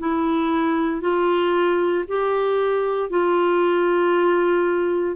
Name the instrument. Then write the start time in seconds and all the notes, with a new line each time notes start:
clarinet
0.00 E4
1.02 F4
2.08 G4
3.10 F4